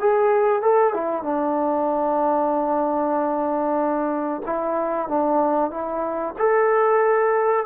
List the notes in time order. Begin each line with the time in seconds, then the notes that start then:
0.00 G#4
0.62 A4
0.94 E4
1.23 D4
4.46 E4
5.08 D4
5.70 E4
6.39 A4